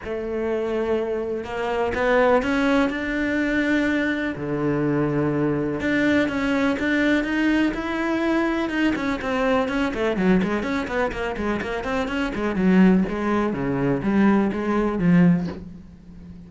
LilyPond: \new Staff \with { instrumentName = "cello" } { \time 4/4 \tempo 4 = 124 a2. ais4 | b4 cis'4 d'2~ | d'4 d2. | d'4 cis'4 d'4 dis'4 |
e'2 dis'8 cis'8 c'4 | cis'8 a8 fis8 gis8 cis'8 b8 ais8 gis8 | ais8 c'8 cis'8 gis8 fis4 gis4 | cis4 g4 gis4 f4 | }